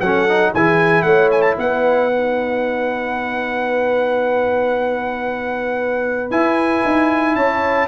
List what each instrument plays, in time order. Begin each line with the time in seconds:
0.00 tuba F#3, trombone C#4, horn A4, trumpet F#5
0.29 trombone D#4
0.52 tuba E3, trombone E4, horn G#4, trumpet G#5
1.02 tuba A3, horn C#5, trumpet F#5
1.31 trumpet G#5
1.41 trumpet A5
1.58 tuba B3, horn B4, trumpet F#5
2.11 trombone D#4
6.31 tuba E4, trombone E4, trumpet G#5
6.85 tuba D#4
7.35 tuba C#4, horn C#5, trumpet A5